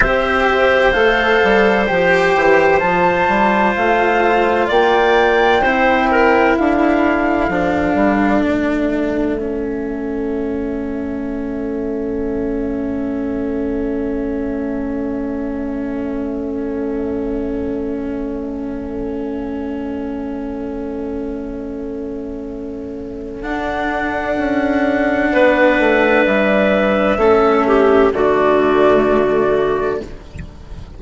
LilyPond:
<<
  \new Staff \with { instrumentName = "flute" } { \time 4/4 \tempo 4 = 64 e''4 f''4 g''4 a''4 | f''4 g''2 f''4~ | f''4 e''2.~ | e''1~ |
e''1~ | e''1~ | e''4 fis''2. | e''2 d''2 | }
  \new Staff \with { instrumentName = "clarinet" } { \time 4/4 c''1~ | c''4 d''4 c''8 ais'8 a'4~ | a'1~ | a'1~ |
a'1~ | a'1~ | a'2. b'4~ | b'4 a'8 g'8 fis'2 | }
  \new Staff \with { instrumentName = "cello" } { \time 4/4 g'4 a'4 g'4 f'4~ | f'2 e'2 | d'2 cis'2~ | cis'1~ |
cis'1~ | cis'1~ | cis'4 d'2.~ | d'4 cis'4 a2 | }
  \new Staff \with { instrumentName = "bassoon" } { \time 4/4 c'4 a8 g8 f8 e8 f8 g8 | a4 ais4 c'4 d'4 | f8 g8 a2.~ | a1~ |
a1~ | a1~ | a4 d'4 cis'4 b8 a8 | g4 a4 d2 | }
>>